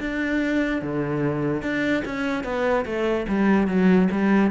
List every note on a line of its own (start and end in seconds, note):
0.00 0.82 D4
0.82 1.62 D3
1.62 2.03 D4
2.05 2.44 C#4
2.44 2.85 B3
2.85 3.26 A3
3.28 3.67 G3
3.67 4.08 F#3
4.11 4.51 G3